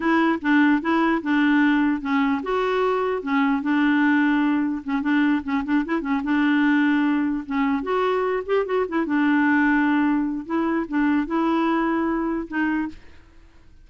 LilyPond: \new Staff \with { instrumentName = "clarinet" } { \time 4/4 \tempo 4 = 149 e'4 d'4 e'4 d'4~ | d'4 cis'4 fis'2 | cis'4 d'2. | cis'8 d'4 cis'8 d'8 e'8 cis'8 d'8~ |
d'2~ d'8 cis'4 fis'8~ | fis'4 g'8 fis'8 e'8 d'4.~ | d'2 e'4 d'4 | e'2. dis'4 | }